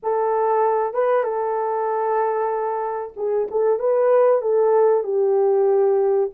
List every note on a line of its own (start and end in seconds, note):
0.02 0.93 A4
0.93 1.23 B4
1.23 3.13 A4
3.16 3.47 G#4
3.51 3.79 A4
3.79 4.41 B4
4.41 5.03 A4
5.03 6.30 G4